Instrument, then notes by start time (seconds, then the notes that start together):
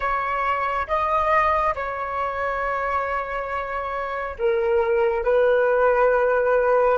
flute
0.00 C#5
0.87 D#5
1.75 C#5
4.38 A#4
5.24 B4